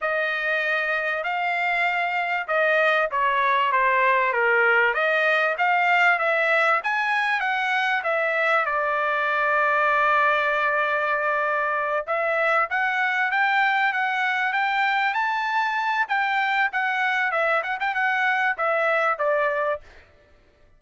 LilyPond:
\new Staff \with { instrumentName = "trumpet" } { \time 4/4 \tempo 4 = 97 dis''2 f''2 | dis''4 cis''4 c''4 ais'4 | dis''4 f''4 e''4 gis''4 | fis''4 e''4 d''2~ |
d''2.~ d''8 e''8~ | e''8 fis''4 g''4 fis''4 g''8~ | g''8 a''4. g''4 fis''4 | e''8 fis''16 g''16 fis''4 e''4 d''4 | }